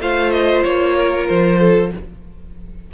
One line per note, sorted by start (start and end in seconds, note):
0.00 0.64 A3
0.00 1.92 F4
0.00 0.96 C5
0.00 0.31 F5
0.31 0.62 D#5
0.63 1.28 A#3
0.63 1.27 C#5
0.97 1.59 A#4
1.27 1.93 F3
1.27 1.91 C5
1.59 1.91 A4